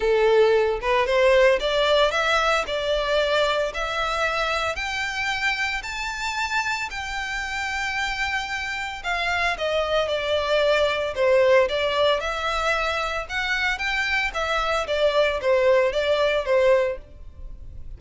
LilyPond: \new Staff \with { instrumentName = "violin" } { \time 4/4 \tempo 4 = 113 a'4. b'8 c''4 d''4 | e''4 d''2 e''4~ | e''4 g''2 a''4~ | a''4 g''2.~ |
g''4 f''4 dis''4 d''4~ | d''4 c''4 d''4 e''4~ | e''4 fis''4 g''4 e''4 | d''4 c''4 d''4 c''4 | }